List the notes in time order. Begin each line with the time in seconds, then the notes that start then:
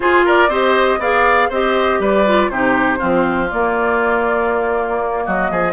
0.00 F4 G#4 C5
0.25 A#4 D5
0.48 C4 G4 C5 D#5
0.99 B3 G#4 D5 F5
1.49 C4 G4 C5 D#5
1.99 G3 B4 D5
2.26 F4
2.49 C3 D#4 G4 C5
2.97 F3 C4 F4
3.50 A#3 D5
5.24 F#3 F#4 D#5
5.50 F3 G#4